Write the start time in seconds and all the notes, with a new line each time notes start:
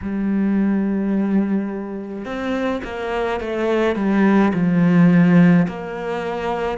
0.02 G3
2.25 C4
2.84 A#3
3.40 A3
3.95 G3
4.53 F3
5.68 A#3